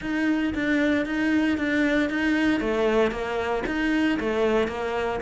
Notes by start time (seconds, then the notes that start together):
0.01 D#4
0.54 D4
1.05 D#4
1.57 D4
2.09 D#4
2.60 A3
3.11 A#3
3.66 D#4
4.19 A3
4.67 A#3